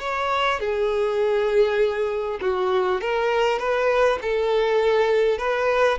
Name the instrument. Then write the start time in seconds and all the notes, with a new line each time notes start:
violin
0.00 C#5
0.60 G#4
2.41 F#4
3.01 A#4
3.59 B4
4.22 A4
5.38 B4